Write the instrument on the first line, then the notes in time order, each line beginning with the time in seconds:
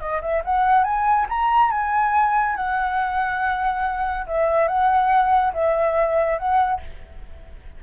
flute
0.00 D#5
0.21 E5
0.45 F#5
0.84 G#5
1.29 A#5
1.71 G#5
2.56 F#5
4.27 E5
4.68 F#5
5.54 E5
6.38 F#5